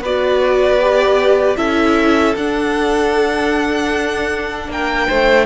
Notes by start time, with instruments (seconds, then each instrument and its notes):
0.00 cello B3, viola F#4, violin B4 D5
0.80 viola G4
1.56 cello C#4, viola E4, violin A4 E5
2.36 cello D4, viola D4, violin F#5
4.68 cello A#3, violin A#4 G5
5.07 cello A3, violin C5